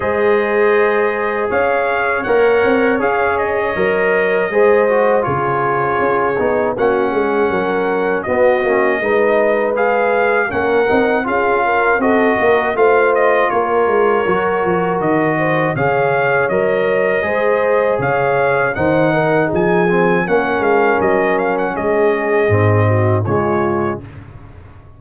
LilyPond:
<<
  \new Staff \with { instrumentName = "trumpet" } { \time 4/4 \tempo 4 = 80 dis''2 f''4 fis''4 | f''8 dis''2~ dis''8 cis''4~ | cis''4 fis''2 dis''4~ | dis''4 f''4 fis''4 f''4 |
dis''4 f''8 dis''8 cis''2 | dis''4 f''4 dis''2 | f''4 fis''4 gis''4 fis''8 f''8 | dis''8 f''16 fis''16 dis''2 cis''4 | }
  \new Staff \with { instrumentName = "horn" } { \time 4/4 c''2 cis''2~ | cis''2 c''4 gis'4~ | gis'4 fis'8 gis'8 ais'4 fis'4 | b'2 ais'4 gis'8 ais'8 |
a'8 ais'8 c''4 ais'2~ | ais'8 c''8 cis''2 c''4 | cis''4 c''8 ais'8 gis'4 ais'4~ | ais'4 gis'4. fis'8 f'4 | }
  \new Staff \with { instrumentName = "trombone" } { \time 4/4 gis'2. ais'4 | gis'4 ais'4 gis'8 fis'8 f'4~ | f'8 dis'8 cis'2 b8 cis'8 | dis'4 gis'4 cis'8 dis'8 f'4 |
fis'4 f'2 fis'4~ | fis'4 gis'4 ais'4 gis'4~ | gis'4 dis'4. c'8 cis'4~ | cis'2 c'4 gis4 | }
  \new Staff \with { instrumentName = "tuba" } { \time 4/4 gis2 cis'4 ais8 c'8 | cis'4 fis4 gis4 cis4 | cis'8 b8 ais8 gis8 fis4 b8 ais8 | gis2 ais8 c'8 cis'4 |
c'8 ais8 a4 ais8 gis8 fis8 f8 | dis4 cis4 fis4 gis4 | cis4 dis4 f4 ais8 gis8 | fis4 gis4 gis,4 cis4 | }
>>